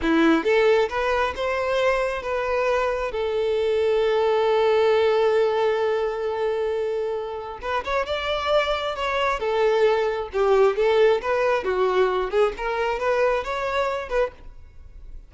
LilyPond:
\new Staff \with { instrumentName = "violin" } { \time 4/4 \tempo 4 = 134 e'4 a'4 b'4 c''4~ | c''4 b'2 a'4~ | a'1~ | a'1~ |
a'4 b'8 cis''8 d''2 | cis''4 a'2 g'4 | a'4 b'4 fis'4. gis'8 | ais'4 b'4 cis''4. b'8 | }